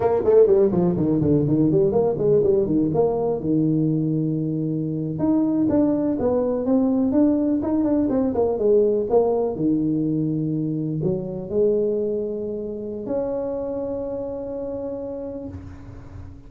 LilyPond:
\new Staff \with { instrumentName = "tuba" } { \time 4/4 \tempo 4 = 124 ais8 a8 g8 f8 dis8 d8 dis8 g8 | ais8 gis8 g8 dis8 ais4 dis4~ | dis2~ dis8. dis'4 d'16~ | d'8. b4 c'4 d'4 dis'16~ |
dis'16 d'8 c'8 ais8 gis4 ais4 dis16~ | dis2~ dis8. fis4 gis16~ | gis2. cis'4~ | cis'1 | }